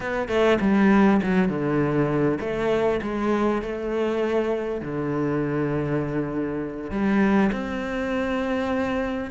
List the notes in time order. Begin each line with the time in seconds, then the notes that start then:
0.00 B3
0.28 A3
0.60 G3
1.22 F#3
1.48 D3
2.40 A3
3.02 G#3
3.62 A3
4.81 D3
6.90 G3
7.52 C4